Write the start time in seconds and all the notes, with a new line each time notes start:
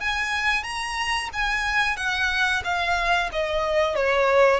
0.00 G#5
0.63 A#5
1.33 G#5
1.96 F#5
2.64 F5
3.32 D#5
3.95 C#5